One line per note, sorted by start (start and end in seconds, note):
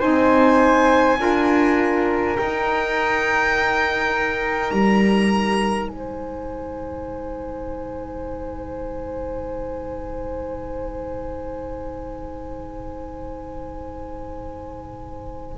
0.00 1.19 C4
0.00 1.18 D#4
0.00 1.18 C5
0.00 2.36 G#5
1.18 2.37 D4
1.18 2.36 F4
1.18 5.90 A#4
2.36 15.58 D#4
2.36 4.71 D#4
2.36 4.71 G5
4.71 5.87 G3
4.71 5.88 A#5
5.87 15.58 G#3
5.87 15.58 C5
5.87 15.58 G#5